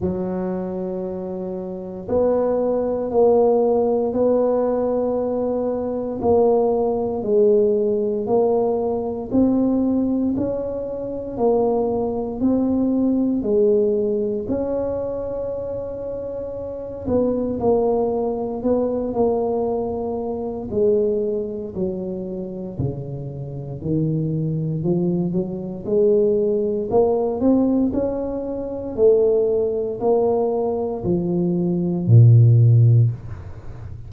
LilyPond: \new Staff \with { instrumentName = "tuba" } { \time 4/4 \tempo 4 = 58 fis2 b4 ais4 | b2 ais4 gis4 | ais4 c'4 cis'4 ais4 | c'4 gis4 cis'2~ |
cis'8 b8 ais4 b8 ais4. | gis4 fis4 cis4 dis4 | f8 fis8 gis4 ais8 c'8 cis'4 | a4 ais4 f4 ais,4 | }